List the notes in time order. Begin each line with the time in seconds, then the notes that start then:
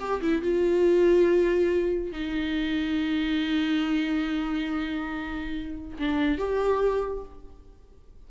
0.00 G4
0.22 E4
0.42 F4
2.12 D#4
5.99 D4
6.38 G4